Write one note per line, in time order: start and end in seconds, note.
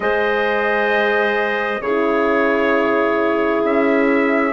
0.00 1.80 G#3
0.00 1.81 G#4
0.00 1.82 C5
0.00 1.81 D#5
1.80 3.62 C#3
1.80 4.53 E4
1.80 4.53 G#4
1.80 3.63 C#5
3.63 4.53 C#4
3.63 4.53 E5